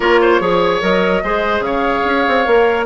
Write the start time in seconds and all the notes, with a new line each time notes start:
0.00 A#3 F4 A#4 C#5
0.21 C5
0.40 F3 G#4 C#5
0.81 F#3 A#4 D#5
1.23 G#3 G#4 C5
1.60 C#3 C#5 F5
2.04 C#4
2.27 C4
2.45 A#3 A#4